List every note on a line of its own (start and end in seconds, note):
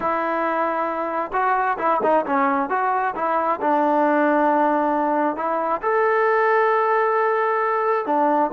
0.00 1.31 E4
1.32 1.77 F#4
1.78 2.00 E4
2.03 2.25 D#4
2.26 2.69 C#4
2.69 3.14 F#4
3.15 3.60 E4
3.61 5.36 D4
5.36 5.81 E4
5.82 8.06 A4
8.06 8.51 D4